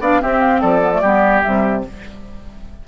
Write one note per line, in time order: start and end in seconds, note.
0.00 0.21 B3
0.00 0.20 D4
0.00 0.21 D5
0.00 0.22 F5
0.20 0.81 C4
0.20 0.62 C4
0.20 0.60 G4
0.20 0.40 E5
0.40 0.61 F5
0.60 1.02 F3
0.60 1.01 A4
0.60 1.42 D5
0.81 0.92 B3
0.92 1.02 A3
1.01 1.43 G3
1.01 1.43 B3
1.01 1.83 G4
1.42 1.87 C3
1.42 1.84 G3
1.42 1.83 E5